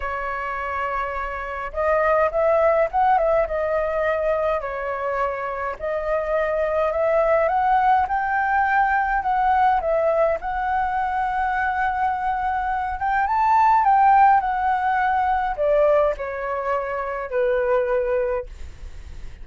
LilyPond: \new Staff \with { instrumentName = "flute" } { \time 4/4 \tempo 4 = 104 cis''2. dis''4 | e''4 fis''8 e''8 dis''2 | cis''2 dis''2 | e''4 fis''4 g''2 |
fis''4 e''4 fis''2~ | fis''2~ fis''8 g''8 a''4 | g''4 fis''2 d''4 | cis''2 b'2 | }